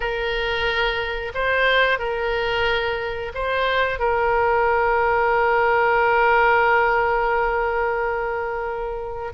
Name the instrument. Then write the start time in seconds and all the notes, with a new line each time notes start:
oboe
0.00 A#4
1.34 C5
1.98 A#4
3.34 C5
3.99 A#4